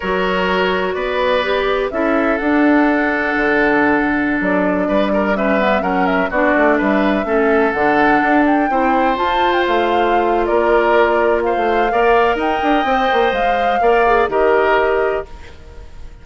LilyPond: <<
  \new Staff \with { instrumentName = "flute" } { \time 4/4 \tempo 4 = 126 cis''2 d''2 | e''4 fis''2.~ | fis''4~ fis''16 d''2 e''8.~ | e''16 fis''8 e''8 d''4 e''4.~ e''16~ |
e''16 fis''4. g''4. a''8. | g''16 f''4.~ f''16 d''2 | f''2 g''2 | f''2 dis''2 | }
  \new Staff \with { instrumentName = "oboe" } { \time 4/4 ais'2 b'2 | a'1~ | a'2~ a'16 b'8 ais'8 b'8.~ | b'16 ais'4 fis'4 b'4 a'8.~ |
a'2~ a'16 c''4.~ c''16~ | c''2 ais'2 | c''4 d''4 dis''2~ | dis''4 d''4 ais'2 | }
  \new Staff \with { instrumentName = "clarinet" } { \time 4/4 fis'2. g'4 | e'4 d'2.~ | d'2.~ d'16 cis'8 b16~ | b16 cis'4 d'2 cis'8.~ |
cis'16 d'2 e'4 f'8.~ | f'1~ | f'4 ais'2 c''4~ | c''4 ais'8 gis'8 g'2 | }
  \new Staff \with { instrumentName = "bassoon" } { \time 4/4 fis2 b2 | cis'4 d'2 d4~ | d4~ d16 fis4 g4.~ g16~ | g16 fis4 b8 a8 g4 a8.~ |
a16 d4 d'4 c'4 f'8.~ | f'16 a4.~ a16 ais2~ | ais16 a8. ais4 dis'8 d'8 c'8 ais8 | gis4 ais4 dis2 | }
>>